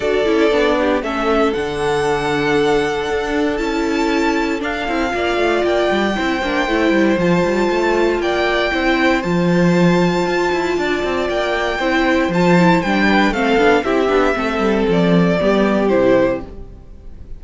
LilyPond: <<
  \new Staff \with { instrumentName = "violin" } { \time 4/4 \tempo 4 = 117 d''2 e''4 fis''4~ | fis''2. a''4~ | a''4 f''2 g''4~ | g''2 a''2 |
g''2 a''2~ | a''2 g''2 | a''4 g''4 f''4 e''4~ | e''4 d''2 c''4 | }
  \new Staff \with { instrumentName = "violin" } { \time 4/4 a'4. g'8 a'2~ | a'1~ | a'2 d''2 | c''1 |
d''4 c''2.~ | c''4 d''2 c''4~ | c''4. b'8 a'4 g'4 | a'2 g'2 | }
  \new Staff \with { instrumentName = "viola" } { \time 4/4 fis'8 e'8 d'4 cis'4 d'4~ | d'2. e'4~ | e'4 d'8 e'8 f'2 | e'8 d'8 e'4 f'2~ |
f'4 e'4 f'2~ | f'2. e'4 | f'8 e'8 d'4 c'8 d'8 e'8 d'8 | c'2 b4 e'4 | }
  \new Staff \with { instrumentName = "cello" } { \time 4/4 d'8 cis'8 b4 a4 d4~ | d2 d'4 cis'4~ | cis'4 d'8 c'8 ais8 a8 ais8 g8 | c'8 ais8 a8 g8 f8 g8 a4 |
ais4 c'4 f2 | f'8 e'8 d'8 c'8 ais4 c'4 | f4 g4 a8 b8 c'8 b8 | a8 g8 f4 g4 c4 | }
>>